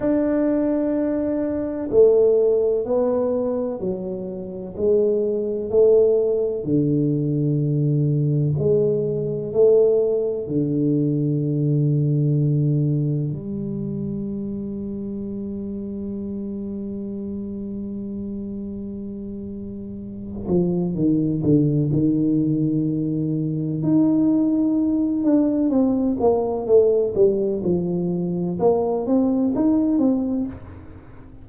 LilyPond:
\new Staff \with { instrumentName = "tuba" } { \time 4/4 \tempo 4 = 63 d'2 a4 b4 | fis4 gis4 a4 d4~ | d4 gis4 a4 d4~ | d2 g2~ |
g1~ | g4. f8 dis8 d8 dis4~ | dis4 dis'4. d'8 c'8 ais8 | a8 g8 f4 ais8 c'8 dis'8 c'8 | }